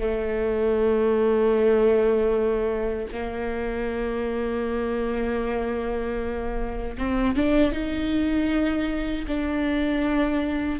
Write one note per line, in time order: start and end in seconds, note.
0.00 3.08 A3
3.13 6.97 A#3
6.98 7.36 C4
7.36 7.72 D4
7.72 9.26 D#4
9.27 10.80 D4